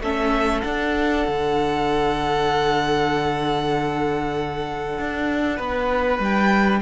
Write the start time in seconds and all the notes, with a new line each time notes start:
0.00 A3 C#4 A4 E5
0.61 D4 F#5
1.27 D3
4.99 D4
5.56 B3 B4
6.19 G3 G5